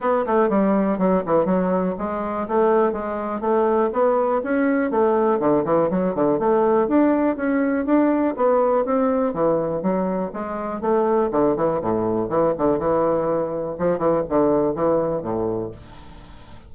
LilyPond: \new Staff \with { instrumentName = "bassoon" } { \time 4/4 \tempo 4 = 122 b8 a8 g4 fis8 e8 fis4 | gis4 a4 gis4 a4 | b4 cis'4 a4 d8 e8 | fis8 d8 a4 d'4 cis'4 |
d'4 b4 c'4 e4 | fis4 gis4 a4 d8 e8 | a,4 e8 d8 e2 | f8 e8 d4 e4 a,4 | }